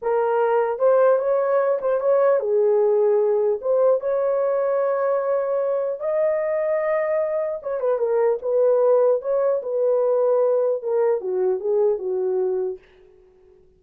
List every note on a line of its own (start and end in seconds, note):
0.02 0.79 A#4
0.79 1.19 C5
1.19 1.79 C#5
1.81 2.00 C5
2.00 2.39 C#5
2.39 3.59 G#4
3.61 4.00 C5
4.00 5.99 C#5
5.99 7.59 D#5
7.62 7.80 C#5
7.80 7.98 B4
7.98 8.38 A#4
8.42 9.21 B4
9.21 9.61 C#5
9.62 10.82 B4
10.82 11.20 A#4
11.20 11.60 F#4
11.60 11.98 G#4
11.98 12.78 F#4